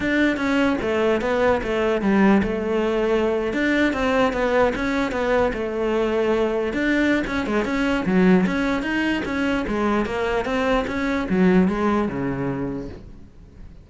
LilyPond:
\new Staff \with { instrumentName = "cello" } { \time 4/4 \tempo 4 = 149 d'4 cis'4 a4 b4 | a4 g4 a2~ | a8. d'4 c'4 b4 cis'16~ | cis'8. b4 a2~ a16~ |
a8. d'4~ d'16 cis'8 gis8 cis'4 | fis4 cis'4 dis'4 cis'4 | gis4 ais4 c'4 cis'4 | fis4 gis4 cis2 | }